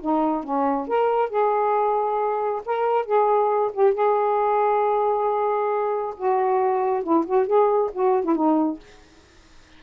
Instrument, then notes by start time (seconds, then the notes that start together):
saxophone
0.00 D#4
0.43 C#4
0.87 A#4
1.29 G#4
2.65 A#4
3.05 G#4
3.73 G4
3.94 G#4
6.16 F#4
7.03 E4
7.26 F#4
7.46 G#4
7.93 F#4
8.24 E4
8.35 D#4